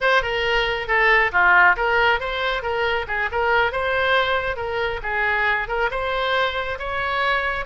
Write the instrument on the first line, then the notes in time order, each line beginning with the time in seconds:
oboe
0.00 C5
0.22 A#4
0.87 A4
1.32 F4
1.76 A#4
2.20 C5
2.62 A#4
3.07 G#4
3.31 A#4
3.71 C5
4.56 A#4
5.02 G#4
5.68 A#4
5.90 C5
6.78 C#5